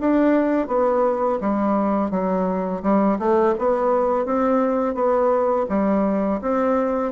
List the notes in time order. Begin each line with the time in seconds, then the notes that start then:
0.00 D4
0.67 B3
1.40 G3
2.10 F#3
2.82 G3
3.19 A3
3.58 B3
4.25 C4
4.94 B3
5.69 G3
6.41 C4